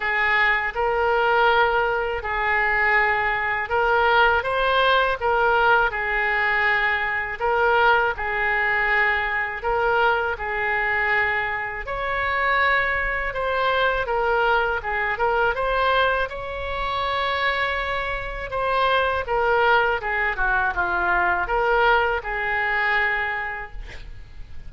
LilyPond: \new Staff \with { instrumentName = "oboe" } { \time 4/4 \tempo 4 = 81 gis'4 ais'2 gis'4~ | gis'4 ais'4 c''4 ais'4 | gis'2 ais'4 gis'4~ | gis'4 ais'4 gis'2 |
cis''2 c''4 ais'4 | gis'8 ais'8 c''4 cis''2~ | cis''4 c''4 ais'4 gis'8 fis'8 | f'4 ais'4 gis'2 | }